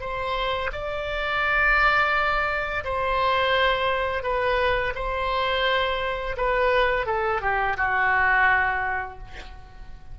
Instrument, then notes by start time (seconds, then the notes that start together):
oboe
0.00 C5
0.72 D5
2.84 C5
4.23 B4
4.94 C5
6.37 B4
7.06 A4
7.41 G4
7.77 F#4